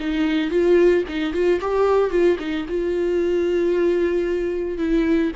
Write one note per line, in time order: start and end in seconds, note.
0.00 0.50 D#4
0.50 1.04 F4
1.09 1.33 D#4
1.33 1.60 F4
1.61 2.11 G4
2.11 2.37 F4
2.40 2.66 D#4
2.69 4.78 F4
4.78 5.32 E4